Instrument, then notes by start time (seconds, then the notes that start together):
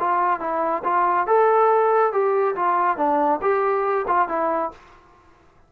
trombone
0.00 F4
0.41 E4
0.84 F4
1.27 A4
2.13 G4
2.56 F4
2.98 D4
3.42 G4
4.08 F4
4.29 E4